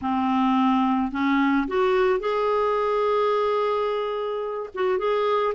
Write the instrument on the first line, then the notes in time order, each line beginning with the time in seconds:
clarinet
0.01 C4
1.11 C#4
1.67 F#4
2.19 G#4
4.74 F#4
4.98 G#4